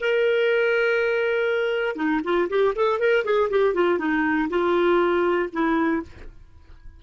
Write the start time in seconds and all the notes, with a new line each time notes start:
0.00 A#4
1.96 D#4
2.24 F4
2.49 G4
2.75 A4
2.99 A#4
3.25 G#4
3.50 G4
3.74 F4
3.99 D#4
4.49 F4
5.52 E4